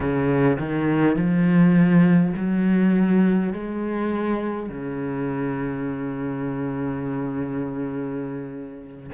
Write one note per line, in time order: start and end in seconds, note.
0.00 0.57 C#3
0.59 1.16 D#3
1.16 2.33 F3
2.36 3.52 F#3
3.52 4.69 G#3
4.69 9.10 C#3